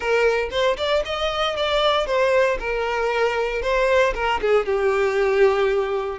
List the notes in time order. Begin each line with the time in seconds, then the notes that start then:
0.00 A#4
0.50 C5
0.77 D5
1.05 D#5
1.56 D5
2.06 C5
2.59 A#4
3.61 C5
4.14 A#4
4.41 G#4
4.65 G4